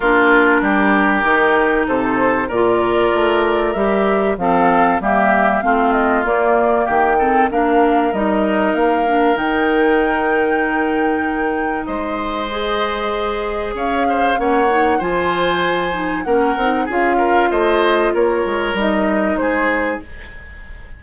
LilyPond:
<<
  \new Staff \with { instrumentName = "flute" } { \time 4/4 \tempo 4 = 96 ais'2. c''4 | d''2 e''4 f''4 | e''4 f''8 dis''8 d''4 g''4 | f''4 dis''4 f''4 g''4~ |
g''2. dis''4~ | dis''2 f''4 fis''4 | gis''2 fis''4 f''4 | dis''4 cis''4 dis''4 c''4 | }
  \new Staff \with { instrumentName = "oboe" } { \time 4/4 f'4 g'2 a'4 | ais'2. a'4 | g'4 f'2 g'8 a'8 | ais'1~ |
ais'2. c''4~ | c''2 cis''8 c''8 cis''4 | c''2 ais'4 gis'8 ais'8 | c''4 ais'2 gis'4 | }
  \new Staff \with { instrumentName = "clarinet" } { \time 4/4 d'2 dis'2 | f'2 g'4 c'4 | ais4 c'4 ais4. c'8 | d'4 dis'4. d'8 dis'4~ |
dis'1 | gis'2. cis'8 dis'8 | f'4. dis'8 cis'8 dis'8 f'4~ | f'2 dis'2 | }
  \new Staff \with { instrumentName = "bassoon" } { \time 4/4 ais4 g4 dis4 c4 | ais,4 a4 g4 f4 | g4 a4 ais4 dis4 | ais4 g4 ais4 dis4~ |
dis2. gis4~ | gis2 cis'4 ais4 | f2 ais8 c'8 cis'4 | a4 ais8 gis8 g4 gis4 | }
>>